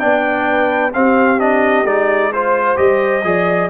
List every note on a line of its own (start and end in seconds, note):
0.00 0.95 B3
0.00 0.92 D4
0.00 0.49 D5
0.00 0.92 G5
0.50 0.96 B4
0.94 1.39 C4
0.94 1.85 C4
0.94 2.34 G4
0.94 1.40 F5
1.39 1.86 D4
1.39 1.87 D#5
1.85 2.77 G#3
1.85 2.33 D#4
1.85 2.33 D5
2.33 2.77 F4
2.33 2.78 C5
2.33 3.26 C5
2.77 3.24 G3
2.77 3.23 G4
2.77 3.70 D#5
3.24 3.70 F3
3.24 3.70 G#4
3.24 3.70 D5